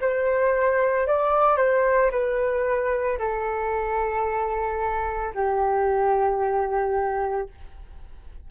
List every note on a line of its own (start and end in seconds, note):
0.00 1.07 C5
1.07 1.57 D5
1.57 2.10 C5
2.10 3.18 B4
3.19 5.33 A4
5.34 7.48 G4